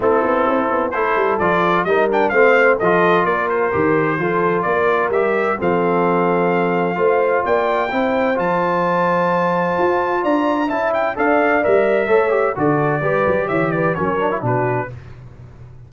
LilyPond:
<<
  \new Staff \with { instrumentName = "trumpet" } { \time 4/4 \tempo 4 = 129 a'2 c''4 d''4 | dis''8 g''8 f''4 dis''4 d''8 c''8~ | c''2 d''4 e''4 | f''1 |
g''2 a''2~ | a''2 ais''4 a''8 g''8 | f''4 e''2 d''4~ | d''4 e''8 d''8 cis''4 b'4 | }
  \new Staff \with { instrumentName = "horn" } { \time 4/4 e'2 a'2 | ais'4 c''4 a'4 ais'4~ | ais'4 a'4 ais'2 | a'2. c''4 |
d''4 c''2.~ | c''2 d''4 e''4 | d''2 cis''4 a'4 | b'4 cis''8 b'8 ais'4 fis'4 | }
  \new Staff \with { instrumentName = "trombone" } { \time 4/4 c'2 e'4 f'4 | dis'8 d'8 c'4 f'2 | g'4 f'2 g'4 | c'2. f'4~ |
f'4 e'4 f'2~ | f'2. e'4 | a'4 ais'4 a'8 g'8 fis'4 | g'2 cis'8 d'16 e'16 d'4 | }
  \new Staff \with { instrumentName = "tuba" } { \time 4/4 a8 b8 c'8 b8 a8 g8 f4 | g4 a4 f4 ais4 | dis4 f4 ais4 g4 | f2. a4 |
ais4 c'4 f2~ | f4 f'4 d'4 cis'4 | d'4 g4 a4 d4 | g8 fis8 e4 fis4 b,4 | }
>>